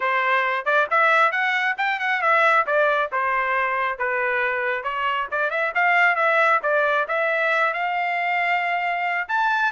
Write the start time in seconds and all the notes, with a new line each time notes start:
0.00 C5
0.65 D5
0.90 E5
1.31 F#5
1.77 G5
1.99 F#5
2.21 E5
2.66 D5
3.12 C5
3.98 B4
4.83 C#5
5.31 D5
5.50 E5
5.75 F5
6.15 E5
6.62 D5
7.07 E5
7.73 F5
9.28 A5